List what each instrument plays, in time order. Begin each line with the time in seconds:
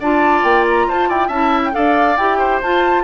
0.00 bassoon D4, clarinet F4, oboe D5, flute A5
0.44 bassoon A#3, flute G5
0.70 flute A#5
0.88 bassoon F4, oboe C5, flute A5
1.09 bassoon E4, oboe D5, flute G5
1.28 bassoon C#4, clarinet E4, oboe E5, flute A5
1.65 flute G5
1.72 bassoon D4, clarinet A4, oboe D5, flute F5
2.17 bassoon E4, clarinet G4, flute G5
2.39 oboe C5
2.62 bassoon F4, clarinet F4, flute A5